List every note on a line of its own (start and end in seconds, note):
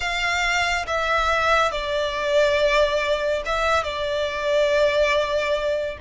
0.00 0.85 F5
0.86 1.71 E5
1.71 3.42 D5
3.45 3.83 E5
3.83 5.97 D5